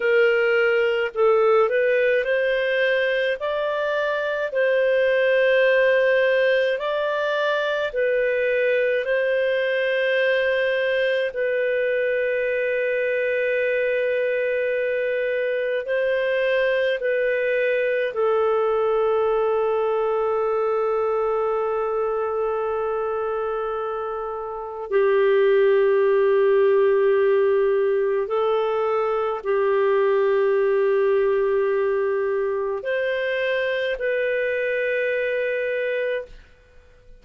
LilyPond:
\new Staff \with { instrumentName = "clarinet" } { \time 4/4 \tempo 4 = 53 ais'4 a'8 b'8 c''4 d''4 | c''2 d''4 b'4 | c''2 b'2~ | b'2 c''4 b'4 |
a'1~ | a'2 g'2~ | g'4 a'4 g'2~ | g'4 c''4 b'2 | }